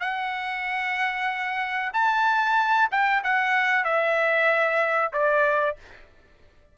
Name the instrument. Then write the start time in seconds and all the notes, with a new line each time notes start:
trumpet
0.00 F#5
1.93 A5
2.91 G5
3.23 F#5
3.84 E5
5.13 D5